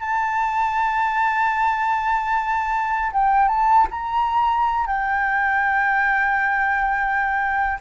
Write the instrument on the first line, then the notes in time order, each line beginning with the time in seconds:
flute
0.00 A5
3.12 G5
3.48 A5
3.91 A#5
4.87 G5